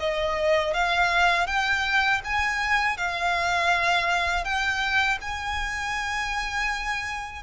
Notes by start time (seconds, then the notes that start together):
0.00 D#5
0.74 F5
1.47 G5
2.25 G#5
2.98 F5
4.45 G5
5.22 G#5